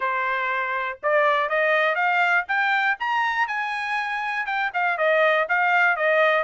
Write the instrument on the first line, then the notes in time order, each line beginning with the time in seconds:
trumpet
0.00 C5
1.02 D5
1.49 D#5
1.95 F5
2.48 G5
2.99 A#5
3.47 G#5
4.45 G5
4.73 F5
4.97 D#5
5.48 F5
5.96 D#5